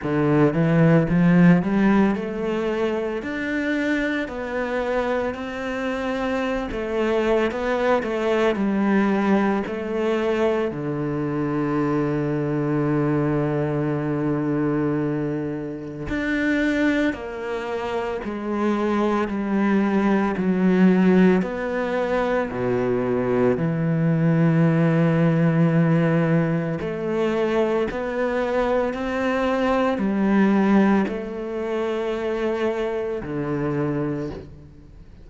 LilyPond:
\new Staff \with { instrumentName = "cello" } { \time 4/4 \tempo 4 = 56 d8 e8 f8 g8 a4 d'4 | b4 c'4~ c'16 a8. b8 a8 | g4 a4 d2~ | d2. d'4 |
ais4 gis4 g4 fis4 | b4 b,4 e2~ | e4 a4 b4 c'4 | g4 a2 d4 | }